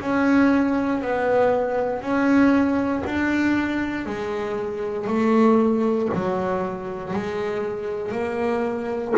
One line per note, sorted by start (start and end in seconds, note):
0.00 1.02 C#4
1.02 2.01 B3
2.01 3.03 C#4
3.06 4.06 D4
4.06 5.07 G#3
5.07 6.08 A3
6.13 7.13 F#3
7.13 8.12 G#3
8.12 9.13 A#3